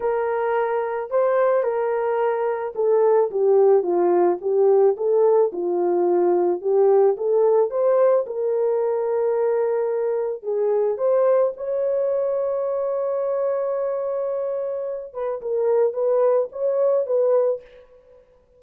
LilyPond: \new Staff \with { instrumentName = "horn" } { \time 4/4 \tempo 4 = 109 ais'2 c''4 ais'4~ | ais'4 a'4 g'4 f'4 | g'4 a'4 f'2 | g'4 a'4 c''4 ais'4~ |
ais'2. gis'4 | c''4 cis''2.~ | cis''2.~ cis''8 b'8 | ais'4 b'4 cis''4 b'4 | }